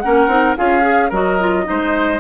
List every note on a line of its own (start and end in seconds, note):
0.00 0.27 A#3
0.00 0.29 C#4
0.00 0.58 A#4
0.00 0.55 F#5
0.27 0.55 C4
0.27 0.56 D#4
0.57 1.11 C#4
0.57 0.82 F4
0.57 1.09 G#4
0.57 1.11 F5
0.82 1.09 G#4
1.09 1.66 F#3
1.09 1.40 F#4
1.09 1.64 A#4
1.09 2.20 D#5
1.40 1.64 F4
1.64 2.19 D#4
1.64 2.20 C5
1.71 2.20 G#3